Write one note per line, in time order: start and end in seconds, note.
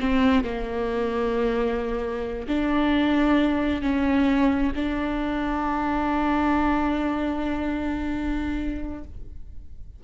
0.00 0.44 C4
0.44 2.48 A#3
2.48 3.82 D4
3.82 4.73 C#4
4.76 9.04 D4